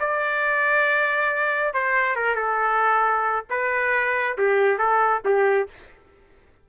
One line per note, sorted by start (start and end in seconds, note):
0.00 1.74 D5
1.74 2.16 C5
2.16 2.36 A#4
2.36 3.45 A4
3.50 4.38 B4
4.38 4.79 G4
4.79 5.22 A4
5.25 5.69 G4